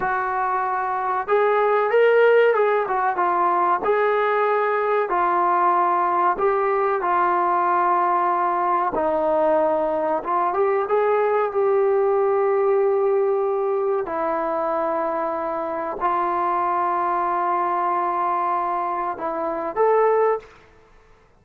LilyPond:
\new Staff \with { instrumentName = "trombone" } { \time 4/4 \tempo 4 = 94 fis'2 gis'4 ais'4 | gis'8 fis'8 f'4 gis'2 | f'2 g'4 f'4~ | f'2 dis'2 |
f'8 g'8 gis'4 g'2~ | g'2 e'2~ | e'4 f'2.~ | f'2 e'4 a'4 | }